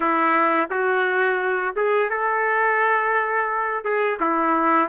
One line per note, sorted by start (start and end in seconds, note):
0.00 0.69 E4
0.70 1.74 F#4
1.76 2.10 G#4
2.10 3.84 A4
3.84 4.19 G#4
4.20 4.88 E4